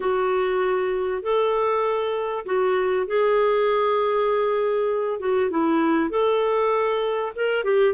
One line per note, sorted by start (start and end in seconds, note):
0.00 1.22 F#4
1.22 2.45 A4
2.45 3.06 F#4
3.06 5.19 G#4
5.19 5.50 F#4
5.50 6.10 E4
6.10 7.32 A4
7.35 7.64 A#4
7.64 7.93 G4